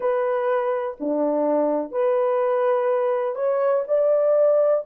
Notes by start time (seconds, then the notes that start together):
0.00 B4
0.99 D4
1.91 B4
3.35 C#5
3.87 D5